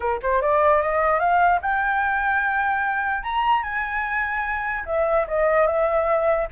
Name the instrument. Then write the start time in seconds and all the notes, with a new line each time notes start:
flute
0.00 A#4
0.22 C5
0.41 D5
0.81 D#5
1.19 F5
1.61 G5
3.23 A#5
3.62 G#5
4.85 E5
5.27 D#5
5.66 E5